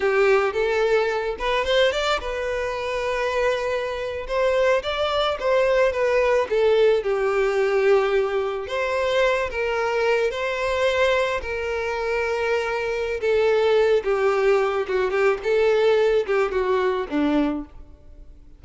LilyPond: \new Staff \with { instrumentName = "violin" } { \time 4/4 \tempo 4 = 109 g'4 a'4. b'8 c''8 d''8 | b'2.~ b'8. c''16~ | c''8. d''4 c''4 b'4 a'16~ | a'8. g'2. c''16~ |
c''4~ c''16 ais'4. c''4~ c''16~ | c''8. ais'2.~ ais'16 | a'4. g'4. fis'8 g'8 | a'4. g'8 fis'4 d'4 | }